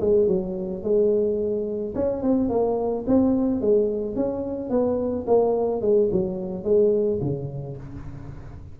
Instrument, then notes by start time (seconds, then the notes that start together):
tuba
0.00 G#3
0.27 F#3
0.83 G#3
1.95 C#4
2.22 C4
2.49 A#3
3.07 C4
3.61 G#3
4.15 C#4
4.69 B3
5.27 A#3
5.81 G#3
6.11 F#3
6.63 G#3
7.21 C#3